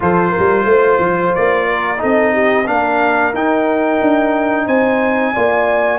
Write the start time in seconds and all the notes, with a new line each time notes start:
0.00 F3 F4 A4 C5
0.30 A#4
0.38 G3
0.64 A3 C5
0.98 F3
1.34 A#3 D5
1.68 A#4
1.97 C4 D#4 A4 D#5
2.33 G4
2.66 A#3 D4 A#4 F5
3.33 D#4 G5
4.01 D4
4.66 C4 C5 G#5
5.33 A#3 F4 D5